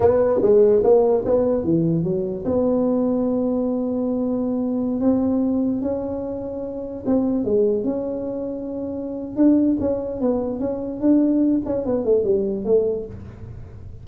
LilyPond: \new Staff \with { instrumentName = "tuba" } { \time 4/4 \tempo 4 = 147 b4 gis4 ais4 b4 | e4 fis4 b2~ | b1~ | b16 c'2 cis'4.~ cis'16~ |
cis'4~ cis'16 c'4 gis4 cis'8.~ | cis'2. d'4 | cis'4 b4 cis'4 d'4~ | d'8 cis'8 b8 a8 g4 a4 | }